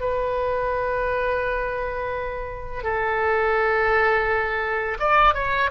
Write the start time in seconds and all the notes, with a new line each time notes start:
0.00 B4
2.83 A4
4.99 D5
5.34 C#5